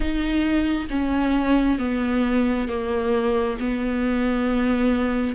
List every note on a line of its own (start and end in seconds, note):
0.00 0.87 D#4
0.90 1.79 C#4
1.79 2.68 B3
2.68 3.58 A#3
3.59 5.35 B3